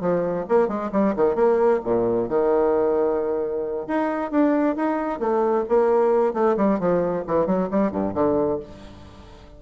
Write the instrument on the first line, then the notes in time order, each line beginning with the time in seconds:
bassoon
0.00 F3
0.48 A#3
0.67 G#3
0.92 G3
1.16 D#3
1.35 A#3
1.84 A#2
2.28 D#3
3.87 D#4
4.31 D4
4.76 D#4
5.19 A3
5.68 A#3
6.33 A3
6.57 G3
6.79 F3
7.27 E3
7.46 F#3
7.71 G3
7.91 G2
8.14 D3